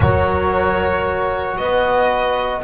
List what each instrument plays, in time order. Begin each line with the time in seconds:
0.00 double bass F#3, trombone F#4, horn A#4, violin C#5
1.57 double bass B3, horn B4, violin D#5